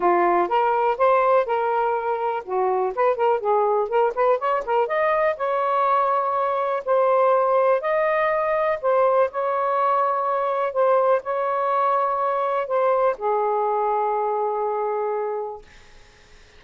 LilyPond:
\new Staff \with { instrumentName = "saxophone" } { \time 4/4 \tempo 4 = 123 f'4 ais'4 c''4 ais'4~ | ais'4 fis'4 b'8 ais'8 gis'4 | ais'8 b'8 cis''8 ais'8 dis''4 cis''4~ | cis''2 c''2 |
dis''2 c''4 cis''4~ | cis''2 c''4 cis''4~ | cis''2 c''4 gis'4~ | gis'1 | }